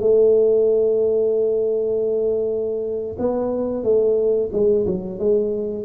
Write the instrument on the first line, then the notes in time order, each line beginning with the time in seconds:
tuba
0.00 A3
3.18 B3
3.84 A3
4.53 G#3
4.86 F#3
5.19 G#3